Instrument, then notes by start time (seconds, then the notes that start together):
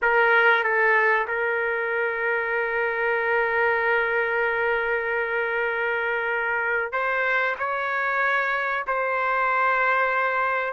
trumpet
0.02 A#4
0.63 A4
1.27 A#4
6.92 C5
7.58 C#5
8.87 C5